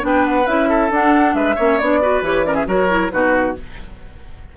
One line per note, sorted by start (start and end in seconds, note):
0.00 0.46 B3
0.00 0.44 D4
0.00 0.25 G5
0.06 0.69 B4
0.25 0.46 F#5
0.46 0.90 C#4
0.46 0.91 E4
0.46 0.90 E5
0.69 1.34 A4
0.90 1.34 D4
0.90 1.57 D4
0.90 1.34 F#5
1.34 1.55 G#3
1.34 1.55 B4
1.34 1.78 E5
1.55 1.80 A#3
1.55 1.80 C#4
1.55 1.99 C#5
1.78 2.21 B3
1.78 2.02 D4
1.78 2.22 D5
2.02 2.24 F#4
2.02 2.46 B4
2.21 2.65 E3
2.21 2.45 G4
2.21 2.44 C#5
2.44 2.66 C#4
2.44 2.54 A#4
2.44 2.55 D5
2.54 2.65 G#4
2.54 2.66 E5
2.66 3.11 F#3
2.66 2.88 F#4
2.66 3.12 A#4
2.66 3.11 C#5
2.89 3.10 E4
3.10 3.56 B2
3.10 3.54 D#4
3.10 3.56 F#4
3.10 3.54 B4